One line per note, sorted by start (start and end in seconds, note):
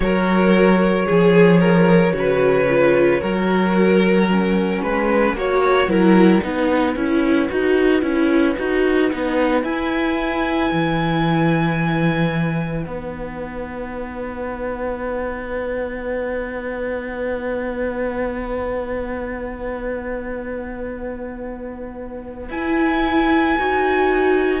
0.00 1.06 F#3
0.00 1.05 F#4
0.00 1.05 A#4
0.00 4.28 C#5
1.05 2.13 F3
1.05 1.59 G#4
1.05 2.12 G#4
1.59 2.13 A#4
2.12 3.20 C#3
2.12 2.66 F#4
2.12 3.20 B4
2.69 3.21 F4
3.20 4.83 F#3
3.20 4.28 F#4
3.20 4.81 A#4
4.28 5.36 C#4
4.28 9.64 F#5
4.83 5.33 G#3
4.83 5.36 B4
5.33 5.86 A#3
5.33 5.88 F#4
5.33 5.90 C#5
5.87 6.40 F#3
5.87 6.41 E4
5.87 6.43 A#4
6.41 6.95 B3
6.41 6.95 D#4
6.41 24.60 B4
6.95 7.49 C#4
6.95 7.48 E4
7.48 8.02 D#4
7.48 8.01 F#4
8.01 8.56 C#4
8.01 8.54 E4
8.58 9.11 D#4
8.58 9.10 F#4
9.10 9.63 B3
9.10 9.63 D#4
9.63 10.70 E4
9.63 12.84 E4
9.63 12.83 G#5
10.71 12.85 E3
12.83 22.49 B3
12.83 22.48 D#4
12.83 22.47 F#5
22.49 23.56 E4
22.49 23.58 E4
22.49 24.60 G#5
23.58 24.60 D#4
23.58 24.60 F#4